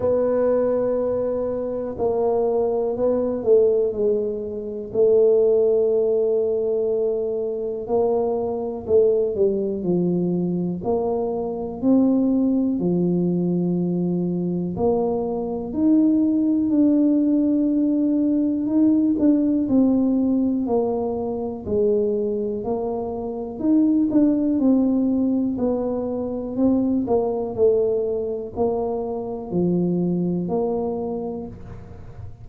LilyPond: \new Staff \with { instrumentName = "tuba" } { \time 4/4 \tempo 4 = 61 b2 ais4 b8 a8 | gis4 a2. | ais4 a8 g8 f4 ais4 | c'4 f2 ais4 |
dis'4 d'2 dis'8 d'8 | c'4 ais4 gis4 ais4 | dis'8 d'8 c'4 b4 c'8 ais8 | a4 ais4 f4 ais4 | }